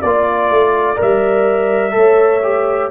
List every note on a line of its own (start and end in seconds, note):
0.00 0.50 A#3
0.00 1.94 D5
0.00 0.98 D5
0.06 0.96 F4
0.50 0.98 A3
0.96 1.94 G3
0.96 1.91 A#4
0.96 2.91 E5
1.91 2.91 A3
1.91 2.39 A4
1.91 2.91 C#5
2.42 2.91 G4